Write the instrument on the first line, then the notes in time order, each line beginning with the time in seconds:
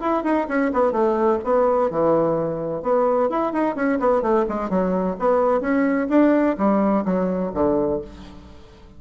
bassoon
0.00 E4
0.23 D#4
0.48 C#4
0.73 B3
0.92 A3
1.44 B3
1.90 E3
2.82 B3
3.29 E4
3.53 D#4
3.75 C#4
4.00 B3
4.22 A3
4.49 G#3
4.69 F#3
5.19 B3
5.60 C#4
6.09 D4
6.58 G3
7.05 F#3
7.54 D3